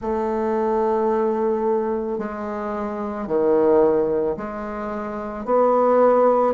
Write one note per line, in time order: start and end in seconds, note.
0.01 2.18 A3
2.18 3.27 G#3
3.27 4.36 D#3
4.36 5.45 G#3
5.45 6.54 B3